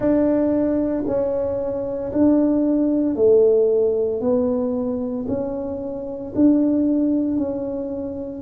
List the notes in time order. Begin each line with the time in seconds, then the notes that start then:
0.00 D4
1.06 C#4
2.12 D4
3.15 A3
4.21 B3
5.27 C#4
6.35 D4
7.37 C#4